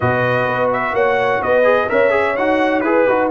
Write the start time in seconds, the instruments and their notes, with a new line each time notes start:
0.00 tuba B2, trombone F#4, horn B4, trumpet D#5
0.47 tuba B3
0.72 trumpet E5
0.93 tuba A#3, horn C#5, trumpet F#5
1.41 tuba B3, horn B4, trumpet D#5
1.63 trombone G#4
1.89 tuba C#4, trombone A#4, horn C#5, trumpet E5
2.10 trombone G#4
2.36 tuba D#4, trombone F#4, trumpet F#5
2.81 tuba E4, trombone G#4, trumpet B4, horn B4
3.07 tuba D#4, trombone F#4